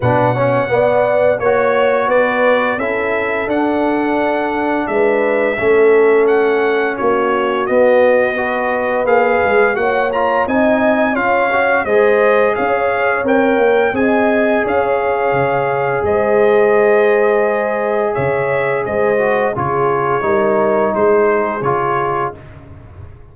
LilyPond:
<<
  \new Staff \with { instrumentName = "trumpet" } { \time 4/4 \tempo 4 = 86 fis''2 cis''4 d''4 | e''4 fis''2 e''4~ | e''4 fis''4 cis''4 dis''4~ | dis''4 f''4 fis''8 ais''8 gis''4 |
f''4 dis''4 f''4 g''4 | gis''4 f''2 dis''4~ | dis''2 e''4 dis''4 | cis''2 c''4 cis''4 | }
  \new Staff \with { instrumentName = "horn" } { \time 4/4 b'8 cis''8 d''4 cis''4 b'4 | a'2. b'4 | a'2 fis'2 | b'2 cis''4 dis''4 |
cis''4 c''4 cis''2 | dis''4 cis''2 c''4~ | c''2 cis''4 c''4 | gis'4 ais'4 gis'2 | }
  \new Staff \with { instrumentName = "trombone" } { \time 4/4 d'8 cis'8 b4 fis'2 | e'4 d'2. | cis'2. b4 | fis'4 gis'4 fis'8 f'8 dis'4 |
f'8 fis'8 gis'2 ais'4 | gis'1~ | gis'2.~ gis'8 fis'8 | f'4 dis'2 f'4 | }
  \new Staff \with { instrumentName = "tuba" } { \time 4/4 b,4 b4 ais4 b4 | cis'4 d'2 gis4 | a2 ais4 b4~ | b4 ais8 gis8 ais4 c'4 |
cis'4 gis4 cis'4 c'8 ais8 | c'4 cis'4 cis4 gis4~ | gis2 cis4 gis4 | cis4 g4 gis4 cis4 | }
>>